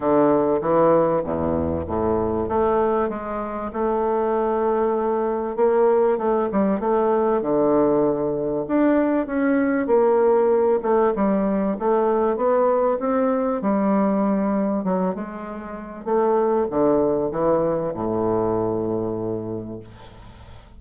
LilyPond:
\new Staff \with { instrumentName = "bassoon" } { \time 4/4 \tempo 4 = 97 d4 e4 e,4 a,4 | a4 gis4 a2~ | a4 ais4 a8 g8 a4 | d2 d'4 cis'4 |
ais4. a8 g4 a4 | b4 c'4 g2 | fis8 gis4. a4 d4 | e4 a,2. | }